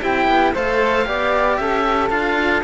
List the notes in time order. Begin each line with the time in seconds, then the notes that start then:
0.00 C4 E4 G4 G5
0.27 B3
0.54 A3 A4 C5 F5
1.05 B3 G4 D5
1.57 C#4 A4 E5
2.10 D4 F4 F5